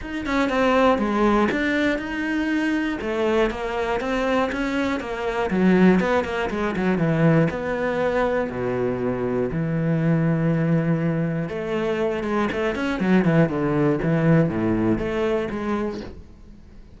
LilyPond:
\new Staff \with { instrumentName = "cello" } { \time 4/4 \tempo 4 = 120 dis'8 cis'8 c'4 gis4 d'4 | dis'2 a4 ais4 | c'4 cis'4 ais4 fis4 | b8 ais8 gis8 fis8 e4 b4~ |
b4 b,2 e4~ | e2. a4~ | a8 gis8 a8 cis'8 fis8 e8 d4 | e4 a,4 a4 gis4 | }